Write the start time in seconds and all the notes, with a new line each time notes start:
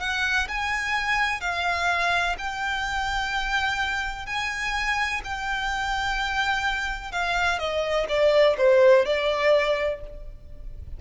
0.00 F#5
0.48 G#5
1.41 F5
2.38 G5
4.26 G#5
5.24 G5
7.12 F5
7.59 D#5
8.09 D5
8.58 C5
9.06 D5